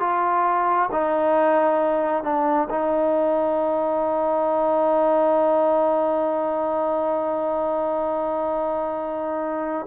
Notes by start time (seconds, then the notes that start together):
0.00 F4
0.92 D#4
2.23 D4
2.70 D#4